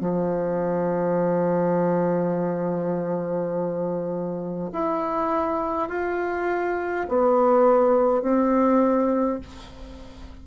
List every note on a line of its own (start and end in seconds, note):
0.00 4.71 F3
4.72 5.89 E4
5.89 7.06 F4
7.08 8.22 B3
8.22 9.40 C4